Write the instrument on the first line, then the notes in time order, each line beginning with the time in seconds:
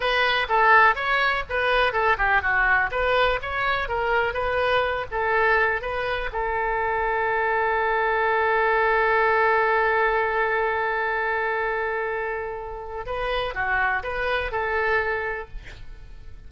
oboe
0.00 B4
0.49 A4
0.95 C#5
1.49 B4
1.92 A4
2.17 G4
2.41 F#4
2.91 B4
3.41 C#5
3.88 A#4
4.33 B4
5.11 A4
5.81 B4
6.32 A4
13.06 B4
13.54 F#4
14.03 B4
14.51 A4